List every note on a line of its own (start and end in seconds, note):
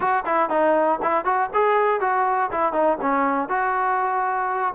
0.00 0.24 F#4
0.25 0.49 E4
0.49 0.99 D#4
1.02 1.24 E4
1.24 1.49 F#4
1.53 2.00 G#4
2.00 2.50 F#4
2.51 2.73 E4
2.73 2.97 D#4
3.01 3.48 C#4
3.48 4.73 F#4